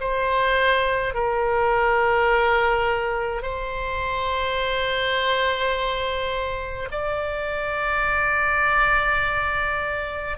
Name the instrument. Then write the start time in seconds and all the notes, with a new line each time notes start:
oboe
0.00 C5
1.14 A#4
3.42 C5
6.91 D5